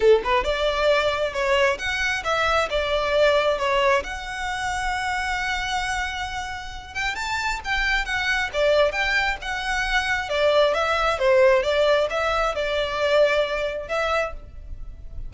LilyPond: \new Staff \with { instrumentName = "violin" } { \time 4/4 \tempo 4 = 134 a'8 b'8 d''2 cis''4 | fis''4 e''4 d''2 | cis''4 fis''2.~ | fis''2.~ fis''8 g''8 |
a''4 g''4 fis''4 d''4 | g''4 fis''2 d''4 | e''4 c''4 d''4 e''4 | d''2. e''4 | }